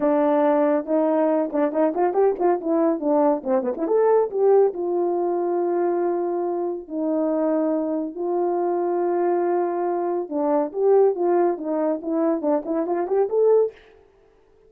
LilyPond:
\new Staff \with { instrumentName = "horn" } { \time 4/4 \tempo 4 = 140 d'2 dis'4. d'8 | dis'8 f'8 g'8 f'8 e'4 d'4 | c'8 b16 e'16 a'4 g'4 f'4~ | f'1 |
dis'2. f'4~ | f'1 | d'4 g'4 f'4 dis'4 | e'4 d'8 e'8 f'8 g'8 a'4 | }